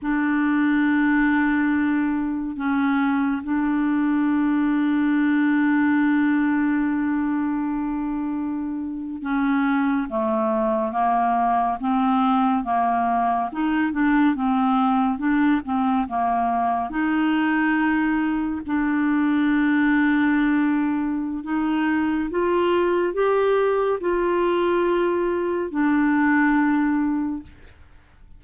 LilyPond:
\new Staff \with { instrumentName = "clarinet" } { \time 4/4 \tempo 4 = 70 d'2. cis'4 | d'1~ | d'2~ d'8. cis'4 a16~ | a8. ais4 c'4 ais4 dis'16~ |
dis'16 d'8 c'4 d'8 c'8 ais4 dis'16~ | dis'4.~ dis'16 d'2~ d'16~ | d'4 dis'4 f'4 g'4 | f'2 d'2 | }